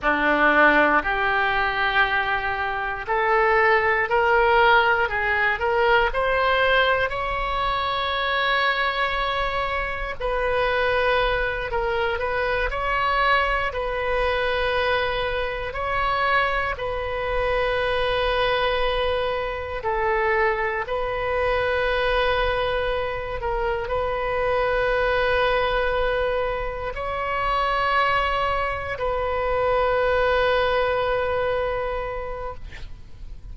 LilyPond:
\new Staff \with { instrumentName = "oboe" } { \time 4/4 \tempo 4 = 59 d'4 g'2 a'4 | ais'4 gis'8 ais'8 c''4 cis''4~ | cis''2 b'4. ais'8 | b'8 cis''4 b'2 cis''8~ |
cis''8 b'2. a'8~ | a'8 b'2~ b'8 ais'8 b'8~ | b'2~ b'8 cis''4.~ | cis''8 b'2.~ b'8 | }